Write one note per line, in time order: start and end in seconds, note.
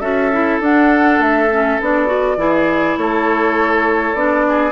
0.00 0.59 C#4
0.00 0.32 F#4
0.00 2.36 A4
0.00 0.59 E5
0.33 0.62 E4
0.61 1.20 D4
0.61 1.50 D4
0.61 1.22 F#5
1.20 1.78 A3
1.20 1.81 E5
1.51 1.80 C#4
1.81 2.37 B3
1.81 2.07 D4
1.81 2.98 D5
2.07 2.37 F#4
2.37 2.96 E3
2.37 4.15 E4
2.37 2.99 G#4
2.98 4.14 A3
2.98 4.47 A4
2.98 4.15 C#5
4.14 4.72 B3
4.14 4.72 D4
4.14 4.72 D5
4.49 4.72 G#4